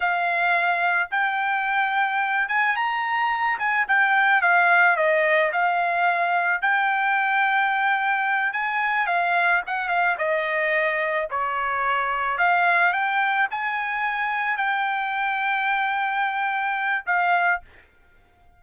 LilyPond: \new Staff \with { instrumentName = "trumpet" } { \time 4/4 \tempo 4 = 109 f''2 g''2~ | g''8 gis''8 ais''4. gis''8 g''4 | f''4 dis''4 f''2 | g''2.~ g''8 gis''8~ |
gis''8 f''4 fis''8 f''8 dis''4.~ | dis''8 cis''2 f''4 g''8~ | g''8 gis''2 g''4.~ | g''2. f''4 | }